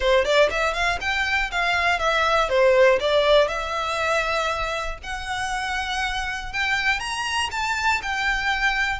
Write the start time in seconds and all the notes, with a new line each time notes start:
0.00 C5
0.24 D5
0.50 E5
0.73 F5
1.00 G5
1.51 F5
1.99 E5
2.49 C5
3.00 D5
3.48 E5
5.02 F#5
6.52 G5
6.99 A#5
7.51 A5
8.02 G5